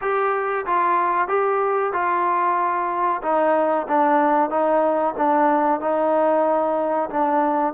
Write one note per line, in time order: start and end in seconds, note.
0.01 0.65 G4
0.66 1.28 F4
1.28 1.92 G4
1.92 3.21 F4
3.22 3.87 D#4
3.87 4.50 D4
4.50 5.14 D#4
5.17 5.80 D4
5.80 7.09 D#4
7.10 7.73 D4